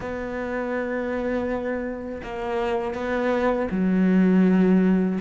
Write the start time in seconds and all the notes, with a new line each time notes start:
0.00 B3
2.23 A#3
2.94 B3
3.70 F#3